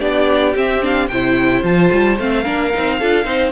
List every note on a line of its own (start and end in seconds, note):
0.00 0.56 B3
0.00 0.55 D4
0.00 1.08 G4
0.00 0.55 D5
0.55 0.82 C4
0.55 1.10 C4
0.55 0.85 E5
0.82 1.09 D4
0.82 1.08 F5
1.08 1.63 C3
1.08 1.65 E4
1.08 2.43 C5
1.08 1.62 G5
1.63 1.90 F3
1.63 2.19 F4
1.63 2.19 A5
1.92 2.19 G3
2.19 2.46 A3
2.19 2.45 C4
2.19 3.52 F5
2.43 2.73 A#3
2.43 2.72 D4
2.43 2.97 A#4
2.74 3.02 C4
2.74 3.01 D#4
2.99 3.25 D4
2.99 3.25 F4
2.99 3.25 A4
3.25 3.52 C4
3.25 3.52 D#4
3.25 3.52 C5